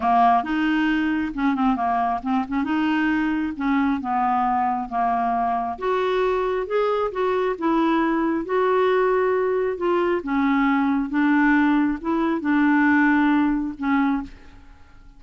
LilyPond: \new Staff \with { instrumentName = "clarinet" } { \time 4/4 \tempo 4 = 135 ais4 dis'2 cis'8 c'8 | ais4 c'8 cis'8 dis'2 | cis'4 b2 ais4~ | ais4 fis'2 gis'4 |
fis'4 e'2 fis'4~ | fis'2 f'4 cis'4~ | cis'4 d'2 e'4 | d'2. cis'4 | }